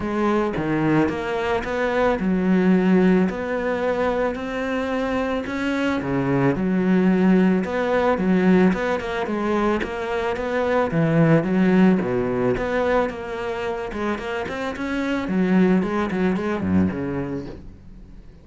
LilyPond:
\new Staff \with { instrumentName = "cello" } { \time 4/4 \tempo 4 = 110 gis4 dis4 ais4 b4 | fis2 b2 | c'2 cis'4 cis4 | fis2 b4 fis4 |
b8 ais8 gis4 ais4 b4 | e4 fis4 b,4 b4 | ais4. gis8 ais8 c'8 cis'4 | fis4 gis8 fis8 gis8 fis,8 cis4 | }